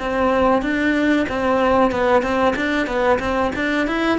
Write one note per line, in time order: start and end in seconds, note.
0.00 0.62 C4
0.62 1.27 D4
1.29 1.91 C4
1.91 2.23 B3
2.23 2.55 C4
2.57 2.87 D4
2.87 3.19 B3
3.20 3.52 C4
3.56 3.87 D4
3.87 4.19 E4